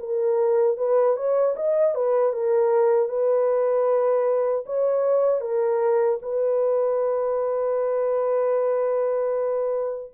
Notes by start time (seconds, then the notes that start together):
0.00 A#4
0.78 B4
1.17 C#5
1.57 D#5
1.95 B4
2.33 A#4
3.09 B4
4.66 C#5
5.42 A#4
6.22 B4